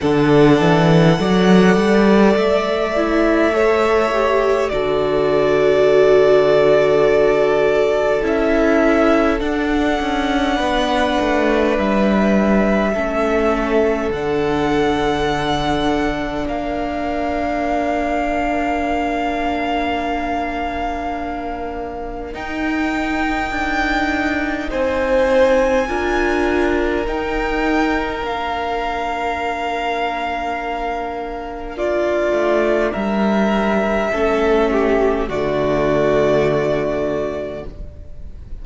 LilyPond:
<<
  \new Staff \with { instrumentName = "violin" } { \time 4/4 \tempo 4 = 51 fis''2 e''2 | d''2. e''4 | fis''2 e''2 | fis''2 f''2~ |
f''2. g''4~ | g''4 gis''2 g''4 | f''2. d''4 | e''2 d''2 | }
  \new Staff \with { instrumentName = "violin" } { \time 4/4 a'4 d''2 cis''4 | a'1~ | a'4 b'2 a'4~ | a'2 ais'2~ |
ais'1~ | ais'4 c''4 ais'2~ | ais'2. f'4 | ais'4 a'8 g'8 fis'2 | }
  \new Staff \with { instrumentName = "viola" } { \time 4/4 d'4 a'4. e'8 a'8 g'8 | fis'2. e'4 | d'2. cis'4 | d'1~ |
d'2. dis'4~ | dis'2 f'4 dis'4 | d'1~ | d'4 cis'4 a2 | }
  \new Staff \with { instrumentName = "cello" } { \time 4/4 d8 e8 fis8 g8 a2 | d2. cis'4 | d'8 cis'8 b8 a8 g4 a4 | d2 ais2~ |
ais2. dis'4 | d'4 c'4 d'4 dis'4 | ais2.~ ais8 a8 | g4 a4 d2 | }
>>